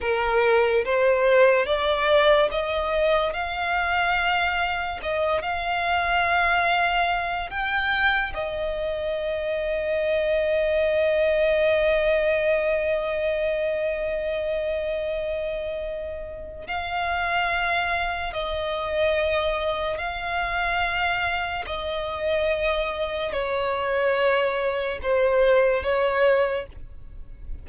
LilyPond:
\new Staff \with { instrumentName = "violin" } { \time 4/4 \tempo 4 = 72 ais'4 c''4 d''4 dis''4 | f''2 dis''8 f''4.~ | f''4 g''4 dis''2~ | dis''1~ |
dis''1 | f''2 dis''2 | f''2 dis''2 | cis''2 c''4 cis''4 | }